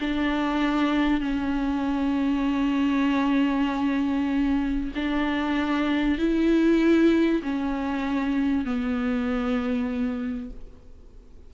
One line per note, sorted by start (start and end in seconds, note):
0.00 1.20 D4
1.20 4.91 C#4
4.95 6.18 D4
6.18 7.41 E4
7.42 8.65 C#4
8.65 10.50 B3